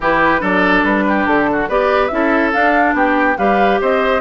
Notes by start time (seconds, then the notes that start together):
0.00 E3 E4 G4 B4
0.39 F#3 D4 A4 D5
0.83 G3 B4
1.07 G4
1.26 D3 A4
1.52 F#4
1.68 B3 G4 B4 D5
2.07 C#4 E4 E5
2.14 A4
2.52 D4 F5
2.93 B3 G4 G5
3.37 G3 G4 B4 F5
3.81 C4 C5 D#5